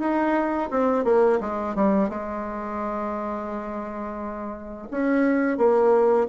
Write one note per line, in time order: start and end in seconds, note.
0.00 0.70 D#4
0.71 1.05 C4
1.05 1.40 A#3
1.41 1.75 G#3
1.75 2.10 G3
2.10 4.89 G#3
4.91 5.58 C#4
5.58 6.28 A#3